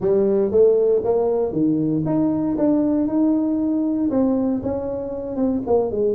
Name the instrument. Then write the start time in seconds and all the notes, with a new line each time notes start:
tuba
0.00 G3
0.51 A3
1.04 A#3
1.52 D#3
2.05 D#4
2.57 D4
3.07 D#4
4.10 C4
4.62 C#4
5.36 C4
5.66 A#3
5.91 G#3